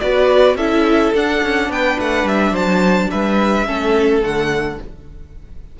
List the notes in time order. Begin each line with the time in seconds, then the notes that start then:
0.00 B3 F#4 B4 D5
0.55 C#4 E4 A4 E5
1.14 D4 F#5
1.43 C#4
1.69 B3 B4 G5
1.99 A3 F#5
2.24 G3 E5
2.51 F#3 C5 A5
3.10 G3 B4 E5
3.66 A3 C#4 A4
4.22 D3 A3 F#5